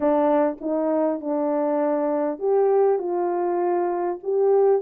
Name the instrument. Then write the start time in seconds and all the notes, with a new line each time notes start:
horn
0.00 D4
0.60 D#4
1.20 D4
2.38 G4
2.98 F4
4.23 G4